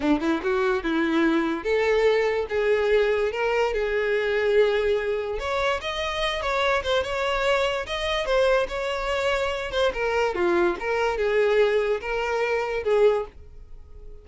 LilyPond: \new Staff \with { instrumentName = "violin" } { \time 4/4 \tempo 4 = 145 d'8 e'8 fis'4 e'2 | a'2 gis'2 | ais'4 gis'2.~ | gis'4 cis''4 dis''4. cis''8~ |
cis''8 c''8 cis''2 dis''4 | c''4 cis''2~ cis''8 c''8 | ais'4 f'4 ais'4 gis'4~ | gis'4 ais'2 gis'4 | }